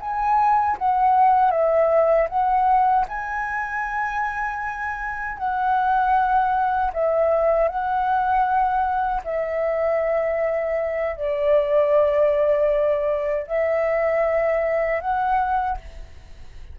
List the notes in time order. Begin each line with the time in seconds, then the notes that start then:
0.00 G#5
0.78 F#5
1.51 E5
2.29 F#5
3.08 G#5
5.38 F#5
6.93 E5
7.68 F#5
9.24 E5
11.16 D5
13.47 E5
15.00 F#5